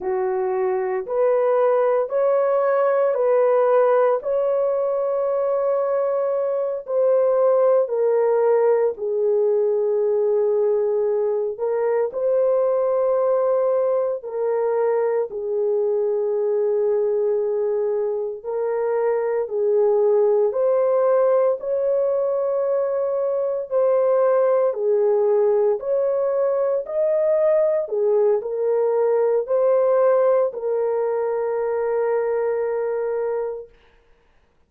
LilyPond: \new Staff \with { instrumentName = "horn" } { \time 4/4 \tempo 4 = 57 fis'4 b'4 cis''4 b'4 | cis''2~ cis''8 c''4 ais'8~ | ais'8 gis'2~ gis'8 ais'8 c''8~ | c''4. ais'4 gis'4.~ |
gis'4. ais'4 gis'4 c''8~ | c''8 cis''2 c''4 gis'8~ | gis'8 cis''4 dis''4 gis'8 ais'4 | c''4 ais'2. | }